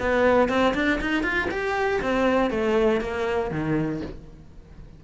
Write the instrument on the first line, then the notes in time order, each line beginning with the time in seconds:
cello
0.00 B3
0.49 C4
0.74 D4
1.01 D#4
1.23 F4
1.51 G4
2.02 C4
2.50 A3
3.01 A#3
3.51 D#3